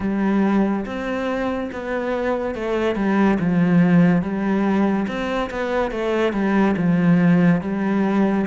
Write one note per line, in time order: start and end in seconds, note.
0.00 0.85 G3
0.85 1.70 C4
1.72 2.55 B3
2.55 2.95 A3
2.95 3.38 G3
3.39 4.22 F3
4.22 5.06 G3
5.07 5.49 C4
5.50 5.91 B3
5.91 6.33 A3
6.33 6.75 G3
6.76 7.61 F3
7.61 8.45 G3